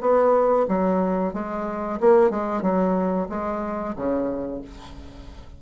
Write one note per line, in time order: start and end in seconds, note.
0.00 0.66 B3
0.68 1.33 F#3
1.33 1.99 G#3
2.00 2.30 A#3
2.30 2.62 G#3
2.62 3.28 F#3
3.29 3.95 G#3
3.95 4.61 C#3